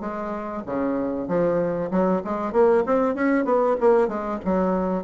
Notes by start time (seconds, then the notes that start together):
0.00 G#3
0.66 C#3
1.28 F3
1.91 F#3
2.24 G#3
2.52 A#3
2.86 C4
3.14 C#4
3.45 B3
3.80 A#3
4.08 G#3
4.45 F#3